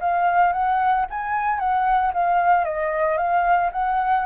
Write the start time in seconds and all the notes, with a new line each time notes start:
0.00 F5
0.52 F#5
1.10 G#5
1.59 F#5
2.13 F5
2.65 D#5
3.17 F5
3.72 F#5